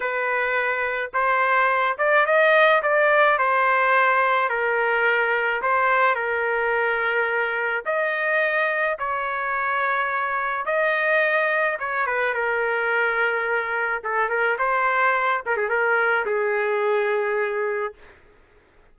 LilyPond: \new Staff \with { instrumentName = "trumpet" } { \time 4/4 \tempo 4 = 107 b'2 c''4. d''8 | dis''4 d''4 c''2 | ais'2 c''4 ais'4~ | ais'2 dis''2 |
cis''2. dis''4~ | dis''4 cis''8 b'8 ais'2~ | ais'4 a'8 ais'8 c''4. ais'16 gis'16 | ais'4 gis'2. | }